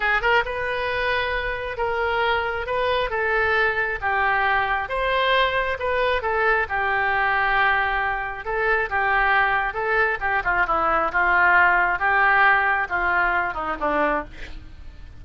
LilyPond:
\new Staff \with { instrumentName = "oboe" } { \time 4/4 \tempo 4 = 135 gis'8 ais'8 b'2. | ais'2 b'4 a'4~ | a'4 g'2 c''4~ | c''4 b'4 a'4 g'4~ |
g'2. a'4 | g'2 a'4 g'8 f'8 | e'4 f'2 g'4~ | g'4 f'4. dis'8 d'4 | }